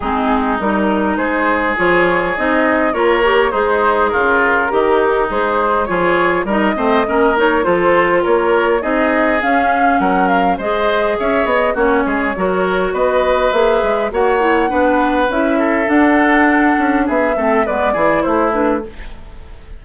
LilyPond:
<<
  \new Staff \with { instrumentName = "flute" } { \time 4/4 \tempo 4 = 102 gis'4 ais'4 c''4 cis''4 | dis''4 cis''4 c''4 ais'4~ | ais'4 c''4 cis''4 dis''4~ | dis''8 cis''8 c''4 cis''4 dis''4 |
f''4 fis''8 f''8 dis''4 e''8 dis''8 | cis''2 dis''4 e''4 | fis''2 e''4 fis''4~ | fis''4 e''4 d''4 c''8 b'8 | }
  \new Staff \with { instrumentName = "oboe" } { \time 4/4 dis'2 gis'2~ | gis'4 ais'4 dis'4 f'4 | dis'2 gis'4 ais'8 c''8 | ais'4 a'4 ais'4 gis'4~ |
gis'4 ais'4 c''4 cis''4 | fis'8 gis'8 ais'4 b'2 | cis''4 b'4. a'4.~ | a'4 gis'8 a'8 b'8 gis'8 e'4 | }
  \new Staff \with { instrumentName = "clarinet" } { \time 4/4 c'4 dis'2 f'4 | dis'4 f'8 g'8 gis'2 | g'4 gis'4 f'4 dis'8 c'8 | cis'8 dis'8 f'2 dis'4 |
cis'2 gis'2 | cis'4 fis'2 gis'4 | fis'8 e'8 d'4 e'4 d'4~ | d'4. c'8 b8 e'4 d'8 | }
  \new Staff \with { instrumentName = "bassoon" } { \time 4/4 gis4 g4 gis4 f4 | c'4 ais4 gis4 cis4 | dis4 gis4 f4 g8 a8 | ais4 f4 ais4 c'4 |
cis'4 fis4 gis4 cis'8 b8 | ais8 gis8 fis4 b4 ais8 gis8 | ais4 b4 cis'4 d'4~ | d'8 cis'8 b8 a8 gis8 e8 a4 | }
>>